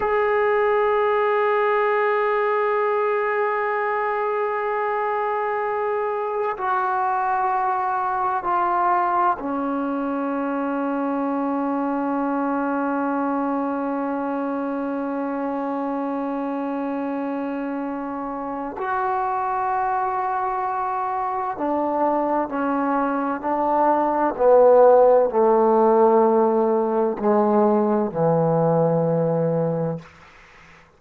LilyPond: \new Staff \with { instrumentName = "trombone" } { \time 4/4 \tempo 4 = 64 gis'1~ | gis'2. fis'4~ | fis'4 f'4 cis'2~ | cis'1~ |
cis'1 | fis'2. d'4 | cis'4 d'4 b4 a4~ | a4 gis4 e2 | }